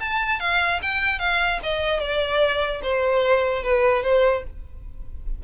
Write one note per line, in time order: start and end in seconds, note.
0.00 0.40 A5
0.40 0.80 F5
0.82 1.19 G5
1.19 1.60 F5
1.63 2.00 D#5
2.00 2.81 D5
2.83 3.63 C5
3.63 4.03 B4
4.03 4.44 C5